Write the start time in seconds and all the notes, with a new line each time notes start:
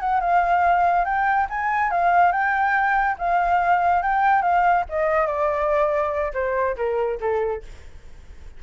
0.00 F#5
0.20 F5
1.05 G5
1.49 G#5
1.91 F5
2.32 G5
3.18 F5
4.02 G5
4.42 F5
4.89 D#5
5.27 D5
6.33 C5
6.76 A#4
7.20 A4